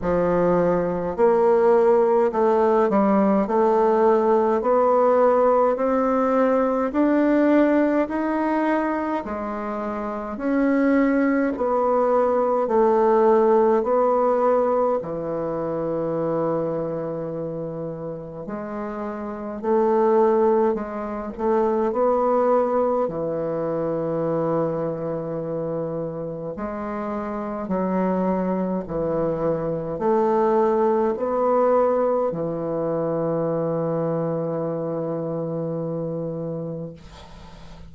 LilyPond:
\new Staff \with { instrumentName = "bassoon" } { \time 4/4 \tempo 4 = 52 f4 ais4 a8 g8 a4 | b4 c'4 d'4 dis'4 | gis4 cis'4 b4 a4 | b4 e2. |
gis4 a4 gis8 a8 b4 | e2. gis4 | fis4 e4 a4 b4 | e1 | }